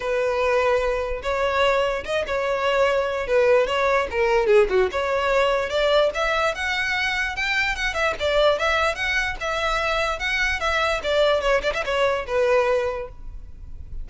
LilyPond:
\new Staff \with { instrumentName = "violin" } { \time 4/4 \tempo 4 = 147 b'2. cis''4~ | cis''4 dis''8 cis''2~ cis''8 | b'4 cis''4 ais'4 gis'8 fis'8 | cis''2 d''4 e''4 |
fis''2 g''4 fis''8 e''8 | d''4 e''4 fis''4 e''4~ | e''4 fis''4 e''4 d''4 | cis''8 d''16 e''16 cis''4 b'2 | }